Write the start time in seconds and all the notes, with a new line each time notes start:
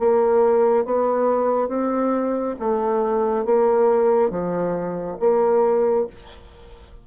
0.00 A#3
0.85 B3
1.69 C4
2.60 A3
3.45 A#3
4.30 F3
5.20 A#3